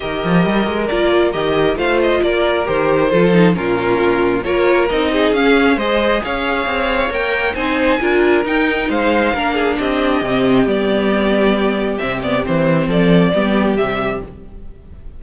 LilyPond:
<<
  \new Staff \with { instrumentName = "violin" } { \time 4/4 \tempo 4 = 135 dis''2 d''4 dis''4 | f''8 dis''8 d''4 c''2 | ais'2 cis''4 dis''4 | f''4 dis''4 f''2 |
g''4 gis''2 g''4 | f''2 dis''2 | d''2. e''8 d''8 | c''4 d''2 e''4 | }
  \new Staff \with { instrumentName = "violin" } { \time 4/4 ais'1 | c''4 ais'2 a'4 | f'2 ais'4. gis'8~ | gis'4 c''4 cis''2~ |
cis''4 c''4 ais'2 | c''4 ais'8 gis'8 g'2~ | g'1~ | g'4 a'4 g'2 | }
  \new Staff \with { instrumentName = "viola" } { \time 4/4 g'2 f'4 g'4 | f'2 g'4 f'8 dis'8 | cis'2 f'4 dis'4 | cis'4 gis'2. |
ais'4 dis'4 f'4 dis'4~ | dis'4 d'2 c'4 | b2. c'8 b8 | c'2 b4 g4 | }
  \new Staff \with { instrumentName = "cello" } { \time 4/4 dis8 f8 g8 gis8 ais4 dis4 | a4 ais4 dis4 f4 | ais,2 ais4 c'4 | cis'4 gis4 cis'4 c'4 |
ais4 c'4 d'4 dis'4 | gis4 ais4 c'4 c4 | g2. c4 | e4 f4 g4 c4 | }
>>